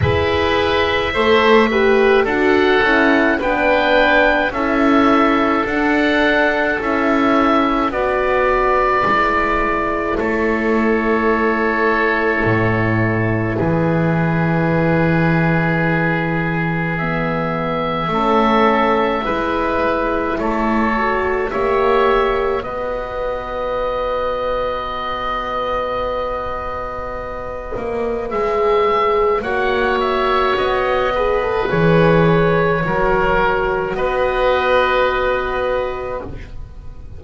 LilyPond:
<<
  \new Staff \with { instrumentName = "oboe" } { \time 4/4 \tempo 4 = 53 e''2 fis''4 g''4 | e''4 fis''4 e''4 d''4~ | d''4 cis''2. | b'2. e''4~ |
e''2 cis''4 e''4 | dis''1~ | dis''4 e''4 fis''8 e''8 dis''4 | cis''2 dis''2 | }
  \new Staff \with { instrumentName = "oboe" } { \time 4/4 b'4 c''8 b'8 a'4 b'4 | a'2. b'4~ | b'4 a'2. | gis'1 |
a'4 b'4 a'4 cis''4 | b'1~ | b'2 cis''4. b'8~ | b'4 ais'4 b'2 | }
  \new Staff \with { instrumentName = "horn" } { \time 4/4 gis'4 a'8 g'8 fis'8 e'8 d'4 | e'4 d'4 e'4 fis'4 | e'1~ | e'2. b4 |
cis'4 e'4. fis'8 g'4 | fis'1~ | fis'4 gis'4 fis'4. gis'16 a'16 | gis'4 fis'2. | }
  \new Staff \with { instrumentName = "double bass" } { \time 4/4 e'4 a4 d'8 cis'8 b4 | cis'4 d'4 cis'4 b4 | gis4 a2 a,4 | e1 |
a4 gis4 a4 ais4 | b1~ | b8 ais8 gis4 ais4 b4 | e4 fis4 b2 | }
>>